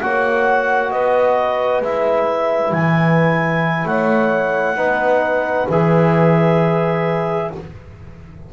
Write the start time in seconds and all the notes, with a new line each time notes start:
0.00 A#3 F#4 C#5 F#5
0.91 B3 B4 D#5
1.81 G#3 E4 E5
2.71 E3 G#5
3.85 A3 C#5 F#5
4.75 B3 D#4 B4
5.69 E3 G#4 E5